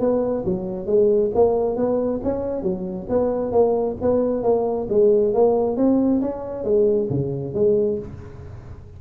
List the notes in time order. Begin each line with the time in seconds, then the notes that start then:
0.00 B3
0.45 F#3
0.86 G#3
1.34 A#3
1.76 B3
2.23 C#4
2.62 F#3
3.09 B3
3.52 A#3
4.01 B3
4.43 A#3
4.89 G#3
5.34 A#3
5.76 C4
6.21 C#4
6.64 G#3
7.10 C#3
7.54 G#3